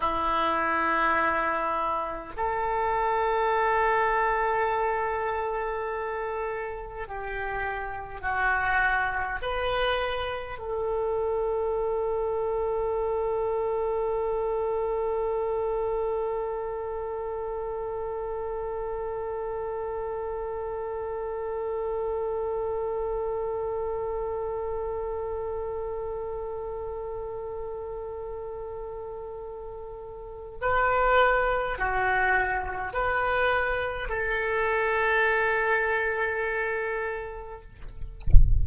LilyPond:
\new Staff \with { instrumentName = "oboe" } { \time 4/4 \tempo 4 = 51 e'2 a'2~ | a'2 g'4 fis'4 | b'4 a'2.~ | a'1~ |
a'1~ | a'1~ | a'2 b'4 fis'4 | b'4 a'2. | }